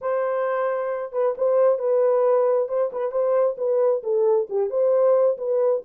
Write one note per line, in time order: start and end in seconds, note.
0.01 1.12 C5
1.12 1.34 B4
1.37 1.78 C5
1.78 2.68 B4
2.68 2.90 C5
2.92 3.11 B4
3.11 3.56 C5
3.57 4.02 B4
4.03 4.48 A4
4.49 4.70 G4
4.70 5.37 C5
5.37 5.82 B4